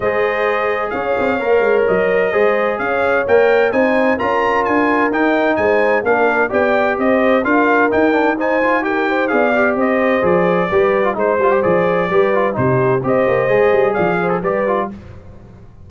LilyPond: <<
  \new Staff \with { instrumentName = "trumpet" } { \time 4/4 \tempo 4 = 129 dis''2 f''2 | dis''2 f''4 g''4 | gis''4 ais''4 gis''4 g''4 | gis''4 f''4 g''4 dis''4 |
f''4 g''4 gis''4 g''4 | f''4 dis''4 d''2 | c''4 d''2 c''4 | dis''2 f''8. a'16 d''4 | }
  \new Staff \with { instrumentName = "horn" } { \time 4/4 c''2 cis''2~ | cis''4 c''4 cis''2 | c''4 ais'2. | c''4 ais'4 d''4 c''4 |
ais'2 c''4 ais'8 c''8 | d''4 c''2 b'4 | c''2 b'4 g'4 | c''2 d''8 c''8 b'4 | }
  \new Staff \with { instrumentName = "trombone" } { \time 4/4 gis'2. ais'4~ | ais'4 gis'2 ais'4 | dis'4 f'2 dis'4~ | dis'4 d'4 g'2 |
f'4 dis'8 d'8 dis'8 f'8 g'4 | gis'8 g'4. gis'4 g'8. f'16 | dis'8 f'16 g'16 gis'4 g'8 f'8 dis'4 | g'4 gis'2 g'8 f'8 | }
  \new Staff \with { instrumentName = "tuba" } { \time 4/4 gis2 cis'8 c'8 ais8 gis8 | fis4 gis4 cis'4 ais4 | c'4 cis'4 d'4 dis'4 | gis4 ais4 b4 c'4 |
d'4 dis'2. | b4 c'4 f4 g4 | gis8 g8 f4 g4 c4 | c'8 ais8 gis8 g8 f4 g4 | }
>>